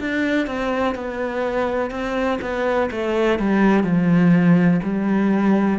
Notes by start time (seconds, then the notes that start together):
0.00 D4
0.47 C4
0.95 B3
1.90 C4
2.41 B3
2.91 A3
3.39 G3
3.84 F3
4.83 G3